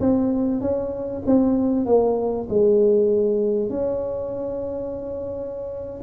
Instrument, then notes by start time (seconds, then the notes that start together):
tuba
0.00 C4
0.61 C#4
1.26 C4
1.86 A#3
2.49 G#3
3.69 C#4